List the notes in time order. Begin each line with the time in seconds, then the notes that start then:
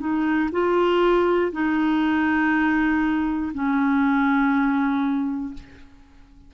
0.00 D#4
0.52 F4
1.53 D#4
3.54 C#4